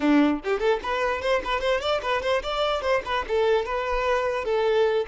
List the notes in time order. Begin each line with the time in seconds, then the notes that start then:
0.00 D4
0.43 G4
0.59 A4
0.82 B4
1.21 C5
1.44 B4
1.60 C5
1.80 D5
2.02 B4
2.22 C5
2.42 D5
2.81 C5
3.05 B4
3.27 A4
3.65 B4
4.44 A4